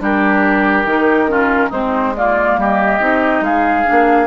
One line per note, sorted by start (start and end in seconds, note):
0.00 0.85 G3
0.00 0.86 D4
0.00 1.31 G4
0.00 1.73 A#4
0.85 1.71 D#3
0.85 1.28 D#4
1.28 1.71 C#4
1.28 1.70 F4
1.70 2.58 G#3
1.70 2.16 C4
1.70 2.13 D#4
1.70 2.16 C5
2.16 3.01 A#3
2.16 2.61 F4
2.16 2.59 D5
2.58 3.01 G3
2.58 3.45 G4
2.58 3.44 D#5
3.01 3.41 C4
3.01 3.86 D#4
3.41 3.84 G#3
3.41 4.27 G#4
3.41 4.27 F5
3.86 4.27 A#3
3.86 4.27 D4